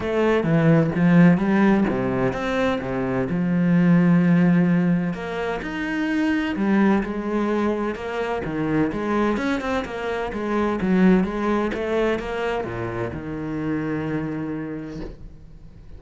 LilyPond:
\new Staff \with { instrumentName = "cello" } { \time 4/4 \tempo 4 = 128 a4 e4 f4 g4 | c4 c'4 c4 f4~ | f2. ais4 | dis'2 g4 gis4~ |
gis4 ais4 dis4 gis4 | cis'8 c'8 ais4 gis4 fis4 | gis4 a4 ais4 ais,4 | dis1 | }